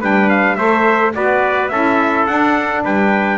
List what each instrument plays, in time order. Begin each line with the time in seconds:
0.00 double bass G3, saxophone D4, trumpet B4 G5
0.29 trumpet F5
0.56 double bass A3, saxophone A4, trumpet C5 E5
1.13 double bass B3, saxophone F#4, trumpet B4 D5
1.69 double bass C#4, saxophone E4, trumpet A4 E5
2.27 double bass D4, saxophone D4, trumpet F#5
2.84 double bass G3, trumpet B4 G5